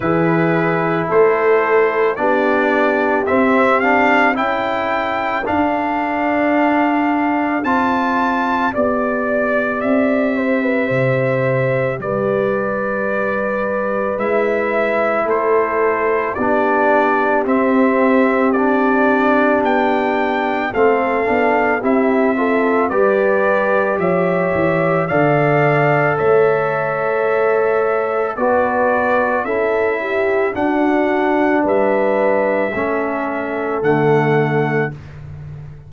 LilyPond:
<<
  \new Staff \with { instrumentName = "trumpet" } { \time 4/4 \tempo 4 = 55 b'4 c''4 d''4 e''8 f''8 | g''4 f''2 a''4 | d''4 e''2 d''4~ | d''4 e''4 c''4 d''4 |
e''4 d''4 g''4 f''4 | e''4 d''4 e''4 f''4 | e''2 d''4 e''4 | fis''4 e''2 fis''4 | }
  \new Staff \with { instrumentName = "horn" } { \time 4/4 gis'4 a'4 g'2 | a'1 | d''4. c''16 b'16 c''4 b'4~ | b'2 a'4 g'4~ |
g'2. a'4 | g'8 a'8 b'4 cis''4 d''4 | cis''2 b'4 a'8 g'8 | fis'4 b'4 a'2 | }
  \new Staff \with { instrumentName = "trombone" } { \time 4/4 e'2 d'4 c'8 d'8 | e'4 d'2 f'4 | g'1~ | g'4 e'2 d'4 |
c'4 d'2 c'8 d'8 | e'8 f'8 g'2 a'4~ | a'2 fis'4 e'4 | d'2 cis'4 a4 | }
  \new Staff \with { instrumentName = "tuba" } { \time 4/4 e4 a4 b4 c'4 | cis'4 d'2 c'4 | b4 c'4 c4 g4~ | g4 gis4 a4 b4 |
c'2 b4 a8 b8 | c'4 g4 f8 e8 d4 | a2 b4 cis'4 | d'4 g4 a4 d4 | }
>>